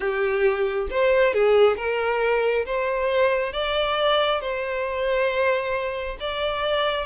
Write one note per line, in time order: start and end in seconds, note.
0.00 0.87 G4
0.90 1.33 C5
1.33 1.76 G#4
1.76 2.65 A#4
2.65 3.52 C5
3.52 4.40 D5
4.40 6.17 C5
6.20 7.06 D5